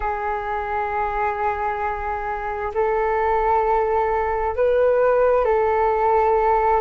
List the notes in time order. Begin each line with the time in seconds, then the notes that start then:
0.00 G#4
2.74 A4
4.55 B4
5.45 A4